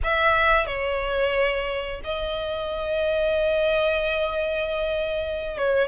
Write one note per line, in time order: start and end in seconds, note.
0.03 0.66 E5
0.66 2.01 C#5
2.04 5.57 D#5
5.57 5.88 C#5